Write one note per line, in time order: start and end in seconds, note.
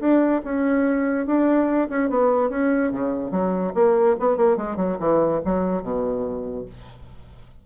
0.00 0.41 D4
0.45 1.26 C#4
1.26 1.88 D4
1.89 2.09 C#4
2.09 2.50 B3
2.50 2.91 C#4
2.91 3.31 C#3
3.31 3.73 F#3
3.74 4.16 A#3
4.19 4.37 B3
4.37 4.57 A#3
4.57 4.76 G#3
4.76 4.97 F#3
4.99 5.41 E3
5.45 5.82 F#3
5.82 6.65 B2